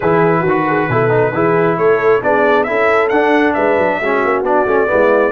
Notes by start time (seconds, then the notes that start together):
0.00 E3 E4 G#4 B4
0.40 D#3 F#4
0.48 F#4
0.67 G#4
0.88 B2 E4 A4
1.10 D#4
1.32 E3 E4 G#4
1.77 A3 A4 C#5
2.22 B3 D4 G#4 D5
2.63 C#4 E4 A4 E5
3.08 D4 F#5
3.53 G#3 B4 E5
3.77 F#3
4.00 G#3 C#4 F#4
4.24 A#3
4.42 B3 D4 D5
4.66 A3 C#4
4.86 G#3 B3 E4